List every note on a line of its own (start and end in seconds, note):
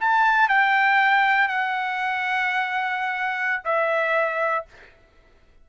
0.00 0.49 A5
0.49 1.48 G5
1.48 3.62 F#5
3.64 4.65 E5